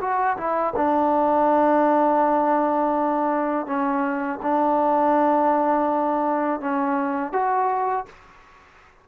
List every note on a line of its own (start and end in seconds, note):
0.00 0.37 F#4
0.37 0.74 E4
0.75 3.66 D4
3.66 4.39 C#4
4.42 6.60 D4
6.60 7.32 C#4
7.32 8.05 F#4